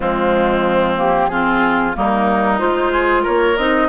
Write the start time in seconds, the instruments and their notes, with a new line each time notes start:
0.00 bassoon F3, clarinet G#3, oboe C4, flute F4
0.96 clarinet A#3, flute G4
1.29 clarinet C4, oboe F4, flute G#4
1.94 bassoon G3, clarinet A#3, oboe D#4, flute A#4
2.58 bassoon G#3, clarinet F4, flute C5
2.92 oboe G#4
3.22 bassoon A#3, oboe A#4, flute C#5
3.57 bassoon C4, clarinet D#4, flute D#5